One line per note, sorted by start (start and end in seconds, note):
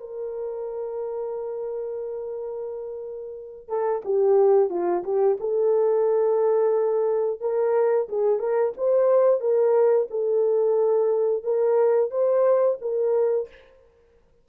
0.00 3.69 A#4
3.69 4.02 A4
4.05 4.70 G4
4.70 5.03 F4
5.04 5.38 G4
5.41 7.41 A4
7.41 8.08 A#4
8.09 8.40 G#4
8.40 8.73 A#4
8.78 9.40 C5
9.40 10.08 A#4
10.11 11.44 A4
11.44 12.11 A#4
12.11 12.78 C5
12.82 13.49 A#4